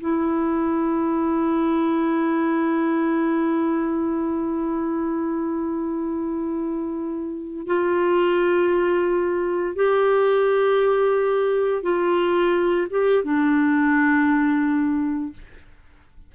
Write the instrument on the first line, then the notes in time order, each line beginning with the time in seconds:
clarinet
0.00 E4
7.66 F4
9.75 G4
11.83 F4
12.90 G4
13.24 D4